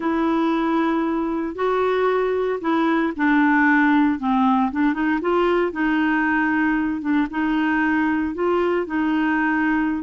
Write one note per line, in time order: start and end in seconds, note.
0.00 1.55 E4
1.55 2.59 F#4
2.61 3.13 E4
3.16 4.19 D4
4.19 4.71 C4
4.71 4.93 D4
4.93 5.19 D#4
5.21 5.72 F4
5.72 7.01 D#4
7.01 7.27 D4
7.30 8.34 D#4
8.34 8.86 F4
8.86 10.03 D#4